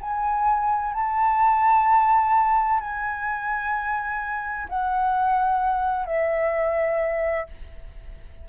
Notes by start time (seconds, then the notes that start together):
0.00 G#5
0.93 A5
2.80 G#5
4.68 F#5
6.06 E5